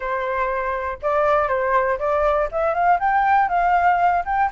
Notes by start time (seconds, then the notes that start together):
0.00 C5
1.02 D5
1.48 C5
1.98 D5
2.51 E5
2.74 F5
2.99 G5
3.48 F5
4.25 G5